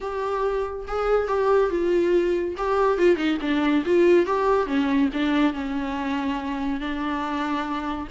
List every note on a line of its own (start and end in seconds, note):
0.00 0.85 G4
0.87 1.27 G#4
1.27 1.69 G4
1.69 2.55 F4
2.57 2.98 G4
2.98 3.16 F4
3.16 3.37 D#4
3.41 3.84 D4
3.85 4.26 F4
4.26 4.66 G4
4.66 5.09 C#4
5.13 5.53 D4
5.53 6.80 C#4
6.80 8.08 D4